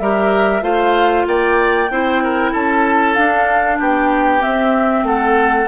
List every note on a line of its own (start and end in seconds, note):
0.00 0.62 G3
0.00 0.62 G4
0.00 0.64 A#4
0.00 0.63 E5
0.62 1.25 A3
0.62 1.88 F4
0.62 1.27 C5
0.62 1.26 F5
1.27 1.90 A#3
1.27 1.91 D5
1.27 2.53 G5
1.90 2.53 C4
1.90 3.17 E4
1.90 2.24 C5
2.24 2.52 A#4
2.52 3.17 C#4
2.52 3.78 A4
2.52 3.15 A5
3.15 3.80 D4
3.15 4.40 D4
3.15 3.78 F5
3.79 4.43 B3
3.79 5.05 G4
3.79 4.42 G5
4.40 5.66 C4
4.40 5.03 C4
4.40 5.05 E5
5.03 5.66 A3
5.03 5.68 A4
5.03 5.68 F#5